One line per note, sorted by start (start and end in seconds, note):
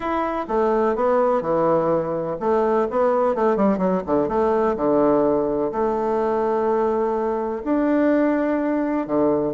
0.00 0.46 E4
0.47 0.95 A3
0.95 1.41 B3
1.41 2.36 E3
2.39 2.87 A3
2.90 3.35 B3
3.35 3.56 A3
3.56 3.78 G3
3.78 4.02 F#3
4.06 4.28 D3
4.28 4.76 A3
4.76 5.71 D3
5.72 7.62 A3
7.64 9.06 D4
9.06 9.53 D3